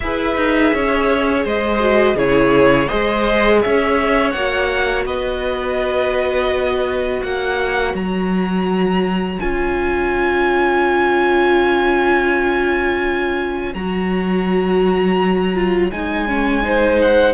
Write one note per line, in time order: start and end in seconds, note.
0.00 0.36 E4
0.00 1.79 G#4
0.00 0.74 B4
0.00 1.44 E5
0.36 0.72 D#4
0.73 1.45 C#4
0.73 1.44 C#5
1.44 2.14 G#3
1.44 2.15 C5
1.44 2.18 D#5
1.79 2.15 F#4
2.14 2.87 C#3
2.14 2.87 E4
2.14 2.87 G#4
2.14 2.88 C#5
2.87 3.64 G#3
2.87 4.32 G#4
2.87 3.59 C5
2.87 3.61 D#5
3.61 4.33 C#4
3.61 5.05 C#5
3.61 4.31 E5
4.31 5.05 A#3
4.31 9.40 F#4
4.31 5.03 F#5
5.05 7.22 B3
5.05 7.23 B4
5.05 7.22 D#5
7.22 7.94 A#3
7.22 16.63 C#5
7.22 7.95 F#5
7.94 9.38 F#3
7.94 9.39 A#5
9.39 13.74 C#4
9.39 13.73 F4
9.39 13.73 G#5
13.74 15.91 F#3
13.74 15.55 F#4
13.74 15.91 A#5
15.55 15.91 F4
15.91 17.34 G#3
15.91 16.27 D#4
15.91 16.99 G#5
16.28 16.62 C#4
16.62 17.34 D#4
16.62 17.34 C5
17.01 17.34 F#5